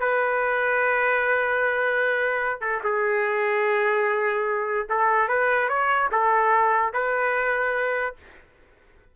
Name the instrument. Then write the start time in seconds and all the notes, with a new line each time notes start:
trumpet
0.00 B4
2.61 A4
2.84 G#4
4.90 A4
5.29 B4
5.69 C#5
6.12 A4
6.94 B4